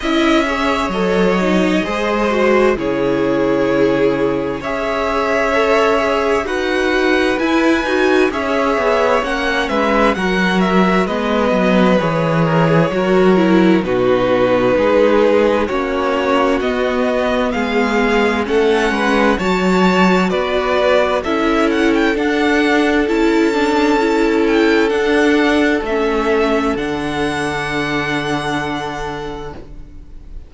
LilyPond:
<<
  \new Staff \with { instrumentName = "violin" } { \time 4/4 \tempo 4 = 65 e''4 dis''2 cis''4~ | cis''4 e''2 fis''4 | gis''4 e''4 fis''8 e''8 fis''8 e''8 | dis''4 cis''2 b'4~ |
b'4 cis''4 dis''4 f''4 | fis''4 a''4 d''4 e''8 fis''16 g''16 | fis''4 a''4. g''8 fis''4 | e''4 fis''2. | }
  \new Staff \with { instrumentName = "violin" } { \time 4/4 dis''8 cis''4. c''4 gis'4~ | gis'4 cis''2 b'4~ | b'4 cis''4. b'8 ais'4 | b'4. ais'16 gis'16 ais'4 fis'4 |
gis'4 fis'2 gis'4 | a'8 b'8 cis''4 b'4 a'4~ | a'1~ | a'1 | }
  \new Staff \with { instrumentName = "viola" } { \time 4/4 e'8 gis'8 a'8 dis'8 gis'8 fis'8 e'4~ | e'4 gis'4 a'8 gis'8 fis'4 | e'8 fis'8 gis'4 cis'4 fis'4 | b4 gis'4 fis'8 e'8 dis'4~ |
dis'4 cis'4 b2 | cis'4 fis'2 e'4 | d'4 e'8 d'8 e'4 d'4 | cis'4 d'2. | }
  \new Staff \with { instrumentName = "cello" } { \time 4/4 cis'4 fis4 gis4 cis4~ | cis4 cis'2 dis'4 | e'8 dis'8 cis'8 b8 ais8 gis8 fis4 | gis8 fis8 e4 fis4 b,4 |
gis4 ais4 b4 gis4 | a8 gis8 fis4 b4 cis'4 | d'4 cis'2 d'4 | a4 d2. | }
>>